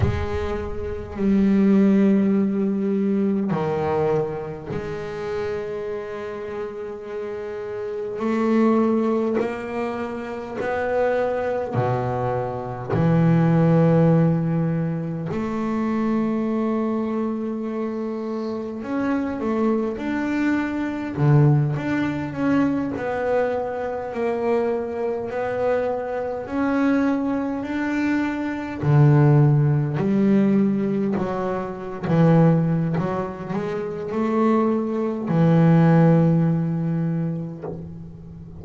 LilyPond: \new Staff \with { instrumentName = "double bass" } { \time 4/4 \tempo 4 = 51 gis4 g2 dis4 | gis2. a4 | ais4 b4 b,4 e4~ | e4 a2. |
cis'8 a8 d'4 d8 d'8 cis'8 b8~ | b8 ais4 b4 cis'4 d'8~ | d'8 d4 g4 fis8. e8. | fis8 gis8 a4 e2 | }